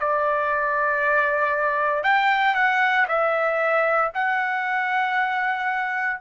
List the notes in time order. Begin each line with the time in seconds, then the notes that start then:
0.00 D5
2.03 G5
2.54 F#5
3.08 E5
4.14 F#5